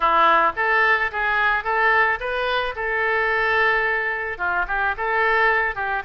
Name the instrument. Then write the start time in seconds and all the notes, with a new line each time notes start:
oboe
0.00 E4
0.56 A4
1.11 G#4
1.64 A4
2.19 B4
2.75 A4
4.38 F4
4.67 G4
4.97 A4
5.75 G4